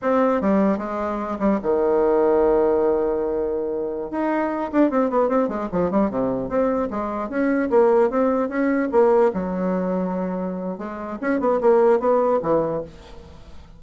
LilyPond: \new Staff \with { instrumentName = "bassoon" } { \time 4/4 \tempo 4 = 150 c'4 g4 gis4. g8 | dis1~ | dis2~ dis16 dis'4. d'16~ | d'16 c'8 b8 c'8 gis8 f8 g8 c8.~ |
c16 c'4 gis4 cis'4 ais8.~ | ais16 c'4 cis'4 ais4 fis8.~ | fis2. gis4 | cis'8 b8 ais4 b4 e4 | }